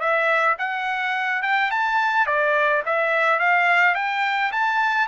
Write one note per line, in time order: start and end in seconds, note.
0.00 0.57 E5
0.58 1.43 F#5
1.43 1.71 G5
1.71 2.26 A5
2.26 2.83 D5
2.86 3.39 E5
3.39 3.95 F5
3.95 4.52 G5
4.52 5.07 A5